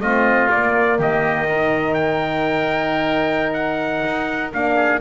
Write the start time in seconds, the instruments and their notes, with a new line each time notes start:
0.00 double bass A3, horn C4, oboe F4, trumpet D#5
0.51 horn A#3, double bass A#3, trumpet D5
0.99 double bass D#3, oboe G4, trumpet D#5
1.49 horn D#4, oboe A#4
1.95 trumpet G5
3.54 trumpet F#5
4.04 double bass D#4
4.54 double bass A#3, horn D4, trumpet F5
4.76 oboe G#4